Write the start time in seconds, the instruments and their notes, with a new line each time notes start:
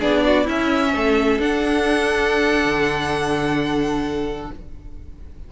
0.00 cello B3, viola D4, violin G#4 D5
0.26 violin F#4
0.44 cello C#4, viola C#4, violin E4 E5
0.94 cello A3, violin A4
1.39 cello D4, viola D4, violin F#5
2.65 cello D3